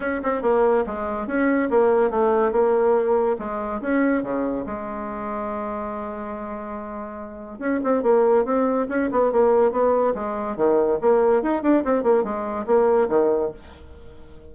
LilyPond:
\new Staff \with { instrumentName = "bassoon" } { \time 4/4 \tempo 4 = 142 cis'8 c'8 ais4 gis4 cis'4 | ais4 a4 ais2 | gis4 cis'4 cis4 gis4~ | gis1~ |
gis2 cis'8 c'8 ais4 | c'4 cis'8 b8 ais4 b4 | gis4 dis4 ais4 dis'8 d'8 | c'8 ais8 gis4 ais4 dis4 | }